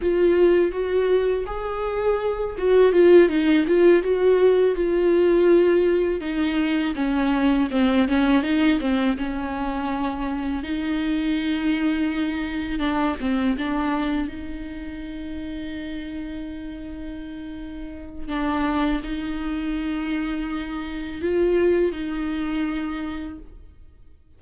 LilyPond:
\new Staff \with { instrumentName = "viola" } { \time 4/4 \tempo 4 = 82 f'4 fis'4 gis'4. fis'8 | f'8 dis'8 f'8 fis'4 f'4.~ | f'8 dis'4 cis'4 c'8 cis'8 dis'8 | c'8 cis'2 dis'4.~ |
dis'4. d'8 c'8 d'4 dis'8~ | dis'1~ | dis'4 d'4 dis'2~ | dis'4 f'4 dis'2 | }